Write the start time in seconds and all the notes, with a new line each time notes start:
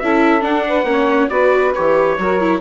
0.00 C#4 E4 A4 E5
0.41 D4 F#5
0.68 B4
0.84 A#3 C#4
0.91 C#5
1.29 B3 F#4 B4 D5
1.75 E3 G4 C#5
2.18 F#3 F#4 A#4
2.41 E4